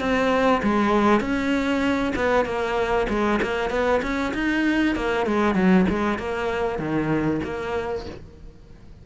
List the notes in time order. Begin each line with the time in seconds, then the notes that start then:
0.00 C4
0.63 G#3
1.20 C#4
2.16 B3
2.45 A#3
3.09 G#3
3.42 A#3
3.70 B3
4.02 C#4
4.34 D#4
4.96 A#3
5.27 G#3
5.55 F#3
5.89 G#3
6.18 A#3
6.79 D#3
7.44 A#3